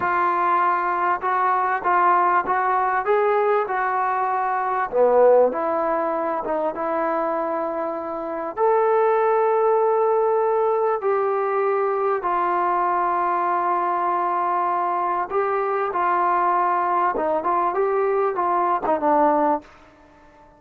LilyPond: \new Staff \with { instrumentName = "trombone" } { \time 4/4 \tempo 4 = 98 f'2 fis'4 f'4 | fis'4 gis'4 fis'2 | b4 e'4. dis'8 e'4~ | e'2 a'2~ |
a'2 g'2 | f'1~ | f'4 g'4 f'2 | dis'8 f'8 g'4 f'8. dis'16 d'4 | }